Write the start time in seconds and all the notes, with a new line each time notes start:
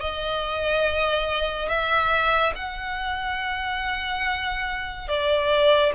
0.00 D#5
1.68 E5
2.55 F#5
5.08 D5